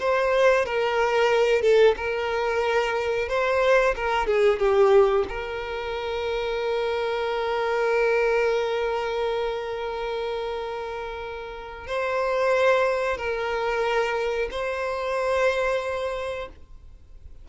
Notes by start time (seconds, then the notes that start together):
0.00 C5
0.66 A#4
1.62 A4
1.97 A#4
3.29 C5
3.96 A#4
4.27 G#4
4.59 G4
5.29 A#4
11.87 C5
13.18 A#4
14.51 C5